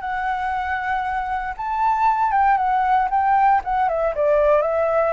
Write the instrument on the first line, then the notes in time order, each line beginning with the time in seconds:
flute
0.00 F#5
1.56 A5
2.31 G5
2.57 F#5
3.10 G5
3.64 F#5
3.88 E5
4.14 D5
4.62 E5